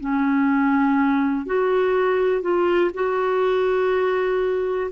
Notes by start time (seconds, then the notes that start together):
0.00 C#4
1.46 F#4
2.41 F4
2.94 F#4